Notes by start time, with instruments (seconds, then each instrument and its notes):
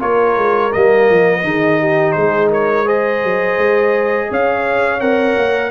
0.00 tuba A#3, trombone F4, horn A#4, trumpet C#5
0.37 tuba G#3
0.72 tuba G3, trombone A#3, trumpet D#5
1.10 tuba F3
1.43 tuba D#3, trombone D#4, horn G#4
1.80 horn G4
2.12 tuba G#3, horn G#4, trumpet C5
2.50 horn A#4, trumpet C#5
2.85 trombone G#4, horn C5, trumpet D#5
3.24 tuba F#3
3.58 tuba G#3
4.29 tuba C#4, horn C#5, trumpet F5
5.00 tuba C4, trombone A#4, trumpet F#5
5.37 tuba A#3